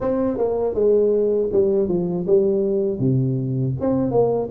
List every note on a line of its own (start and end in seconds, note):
0.00 0.37 C4
0.37 0.74 A#3
0.74 1.49 G#3
1.52 1.88 G3
1.88 2.26 F3
2.27 2.99 G3
2.99 3.74 C3
3.80 4.11 C4
4.11 4.48 A#3